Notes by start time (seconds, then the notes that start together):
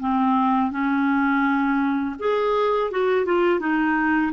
0.00 C4
0.71 C#4
2.19 G#4
2.91 F#4
3.26 F4
3.60 D#4